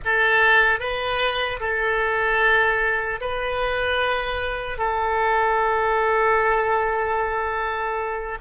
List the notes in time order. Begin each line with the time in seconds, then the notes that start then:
0.04 A4
0.79 B4
1.60 A4
3.20 B4
4.77 A4